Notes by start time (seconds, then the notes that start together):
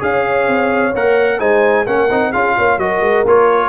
0.00 C#4 G#4 F5
0.07 C#5
0.48 C4
0.95 A#3 A#4 F#5
1.40 G#3 D#4 C5 G#5
1.87 A#3 C#4 A#4 F#5
2.11 C4 D#4
2.32 C#4 F4 G#4 F5
2.57 A#3 C#5
2.78 F#3 F#4 A#4 D#5
3.01 G#3
3.25 A#3 F4 C#5